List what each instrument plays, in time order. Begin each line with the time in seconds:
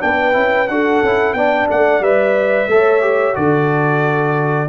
0.00 tuba B3, trombone D4, horn B4, trumpet G5
0.32 tuba C#4, trombone E4
0.67 tuba D4, trombone F#4, horn A4, trumpet F#5
1.02 tuba C#4, trombone E4
1.33 tuba B3, trombone D4, horn D5, trumpet G5
1.70 tuba A3, trumpet F#5
1.99 tuba G3, trombone B4, trumpet E5
2.67 tuba A3, trombone A4, horn C#5
3.01 trombone G4
3.33 tuba D3, trombone F#4, horn A4, trumpet D5